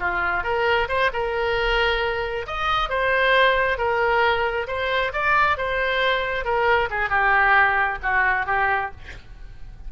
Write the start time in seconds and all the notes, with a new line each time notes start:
0.00 F4
0.44 A#4
0.88 C5
1.13 A#4
2.47 D#5
2.89 C5
3.78 A#4
4.68 C5
5.13 D5
5.57 C5
6.44 A#4
6.91 G#4
7.09 G4
8.03 F#4
8.46 G4